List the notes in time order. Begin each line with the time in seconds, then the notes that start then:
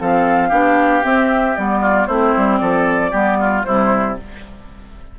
0.00 F3 C4 A4 F5
0.49 B3 D4 G4
1.03 C4 E5
1.56 G3 B3 D5
1.81 F4
2.07 A3 C4 E4 C5
2.37 G3
2.58 F3 A4 D5
3.11 G3 B3 G4
3.40 F4
3.65 C3 G3 E4 C5